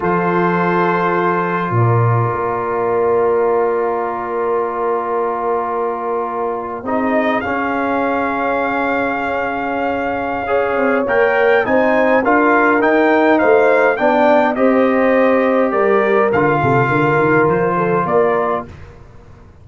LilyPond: <<
  \new Staff \with { instrumentName = "trumpet" } { \time 4/4 \tempo 4 = 103 c''2. d''4~ | d''1~ | d''2.~ d''8. dis''16~ | dis''8. f''2.~ f''16~ |
f''2. g''4 | gis''4 f''4 g''4 f''4 | g''4 dis''2 d''4 | f''2 c''4 d''4 | }
  \new Staff \with { instrumentName = "horn" } { \time 4/4 a'2. ais'4~ | ais'1~ | ais'2.~ ais'8. gis'16~ | gis'1~ |
gis'2 cis''2 | c''4 ais'2 c''4 | d''4 c''2 ais'4~ | ais'8 a'8 ais'4. a'8 ais'4 | }
  \new Staff \with { instrumentName = "trombone" } { \time 4/4 f'1~ | f'1~ | f'2.~ f'8. dis'16~ | dis'8. cis'2.~ cis'16~ |
cis'2 gis'4 ais'4 | dis'4 f'4 dis'2 | d'4 g'2. | f'1 | }
  \new Staff \with { instrumentName = "tuba" } { \time 4/4 f2. ais,4 | ais1~ | ais2.~ ais8. c'16~ | c'8. cis'2.~ cis'16~ |
cis'2~ cis'8 c'8 ais4 | c'4 d'4 dis'4 a4 | b4 c'2 g4 | d8 c8 d8 dis8 f4 ais4 | }
>>